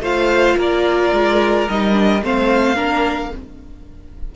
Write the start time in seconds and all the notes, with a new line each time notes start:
0.00 A3 F4 C5 F5
0.57 A#3 A#4 D5
1.13 G#3
1.69 G3 D#4 D#5
1.93 D4
2.24 A3 C4 C5 F5
2.76 A#3 D4 A#4